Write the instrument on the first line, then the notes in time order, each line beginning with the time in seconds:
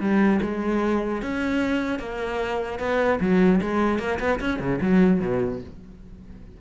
cello
0.00 G3
0.42 G#3
1.22 C#4
1.99 A#3
2.79 B3
3.20 F#3
3.61 G#3
3.99 A#3
4.19 B3
4.40 C#4
4.59 C#3
4.81 F#3
5.20 B2